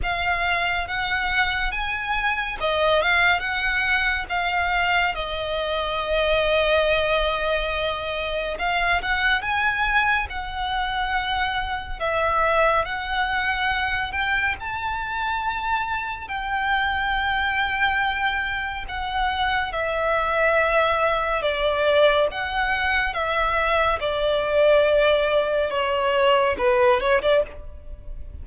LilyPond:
\new Staff \with { instrumentName = "violin" } { \time 4/4 \tempo 4 = 70 f''4 fis''4 gis''4 dis''8 f''8 | fis''4 f''4 dis''2~ | dis''2 f''8 fis''8 gis''4 | fis''2 e''4 fis''4~ |
fis''8 g''8 a''2 g''4~ | g''2 fis''4 e''4~ | e''4 d''4 fis''4 e''4 | d''2 cis''4 b'8 cis''16 d''16 | }